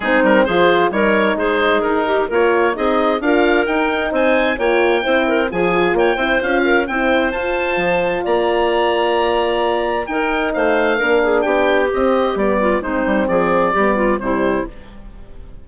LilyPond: <<
  \new Staff \with { instrumentName = "oboe" } { \time 4/4 \tempo 4 = 131 gis'8 ais'8 c''4 cis''4 c''4 | ais'4 cis''4 dis''4 f''4 | g''4 gis''4 g''2 | gis''4 g''4 f''4 g''4 |
a''2 ais''2~ | ais''2 g''4 f''4~ | f''4 g''4 dis''4 d''4 | c''4 d''2 c''4 | }
  \new Staff \with { instrumentName = "clarinet" } { \time 4/4 dis'4 gis'4 ais'4 gis'4~ | gis'8 g'8 ais'4 gis'4 ais'4~ | ais'4 c''4 cis''4 c''8 ais'8 | gis'4 cis''8 c''4 ais'8 c''4~ |
c''2 d''2~ | d''2 ais'4 c''4 | ais'8 gis'8 g'2~ g'8 f'8 | dis'4 gis'4 g'8 f'8 e'4 | }
  \new Staff \with { instrumentName = "horn" } { \time 4/4 c'4 f'4 dis'2~ | dis'4 f'4 dis'4 f'4 | dis'2 f'4 e'4 | f'4. e'8 f'4 e'4 |
f'1~ | f'2 dis'2 | d'2 c'4 b4 | c'2 b4 g4 | }
  \new Staff \with { instrumentName = "bassoon" } { \time 4/4 gis8 g8 f4 g4 gis4 | dis'4 ais4 c'4 d'4 | dis'4 c'4 ais4 c'4 | f4 ais8 c'8 cis'4 c'4 |
f'4 f4 ais2~ | ais2 dis'4 a4 | ais4 b4 c'4 g4 | gis8 g8 f4 g4 c4 | }
>>